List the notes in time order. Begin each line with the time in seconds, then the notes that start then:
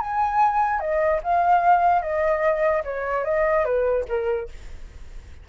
0.00 G#5
0.80 D#5
1.23 F5
2.02 D#5
2.84 C#5
3.25 D#5
3.65 B4
4.08 A#4